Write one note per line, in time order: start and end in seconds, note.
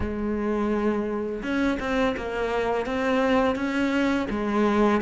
0.00 1.42 G#3
1.42 1.78 C#4
1.79 2.15 C4
2.17 2.86 A#3
2.86 3.55 C4
3.55 4.27 C#4
4.30 5.01 G#3